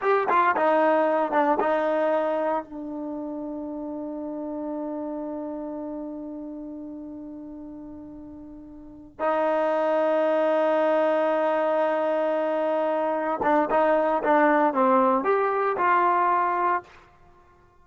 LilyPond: \new Staff \with { instrumentName = "trombone" } { \time 4/4 \tempo 4 = 114 g'8 f'8 dis'4. d'8 dis'4~ | dis'4 d'2.~ | d'1~ | d'1~ |
d'4. dis'2~ dis'8~ | dis'1~ | dis'4. d'8 dis'4 d'4 | c'4 g'4 f'2 | }